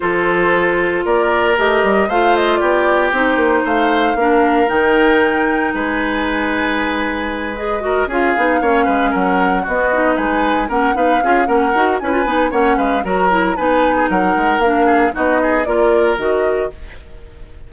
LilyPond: <<
  \new Staff \with { instrumentName = "flute" } { \time 4/4 \tempo 4 = 115 c''2 d''4 dis''4 | f''8 dis''8 d''4 c''4 f''4~ | f''4 g''2 gis''4~ | gis''2~ gis''8 dis''4 f''8~ |
f''4. fis''4 dis''4 gis''8~ | gis''8 fis''8 f''4 fis''4 gis''4 | fis''8 f''8 ais''4 gis''4 fis''4 | f''4 dis''4 d''4 dis''4 | }
  \new Staff \with { instrumentName = "oboe" } { \time 4/4 a'2 ais'2 | c''4 g'2 c''4 | ais'2. b'4~ | b'2. ais'8 gis'8~ |
gis'8 cis''8 b'8 ais'4 fis'4 b'8~ | b'8 ais'8 b'8 gis'8 ais'4 b'4 | cis''8 b'8 ais'4 b'8. gis'16 ais'4~ | ais'8 gis'8 fis'8 gis'8 ais'2 | }
  \new Staff \with { instrumentName = "clarinet" } { \time 4/4 f'2. g'4 | f'2 dis'2 | d'4 dis'2.~ | dis'2~ dis'8 gis'8 fis'8 f'8 |
dis'8 cis'2 b8 dis'4~ | dis'8 cis'8 dis'8 f'8 cis'8 fis'8 e'16 f'16 dis'8 | cis'4 fis'8 e'8 dis'2 | d'4 dis'4 f'4 fis'4 | }
  \new Staff \with { instrumentName = "bassoon" } { \time 4/4 f2 ais4 a8 g8 | a4 b4 c'8 ais8 a4 | ais4 dis2 gis4~ | gis2.~ gis8 cis'8 |
b8 ais8 gis8 fis4 b4 gis8~ | gis8 ais8 b8 cis'8 ais8 dis'8 cis'8 b8 | ais8 gis8 fis4 b4 fis8 gis8 | ais4 b4 ais4 dis4 | }
>>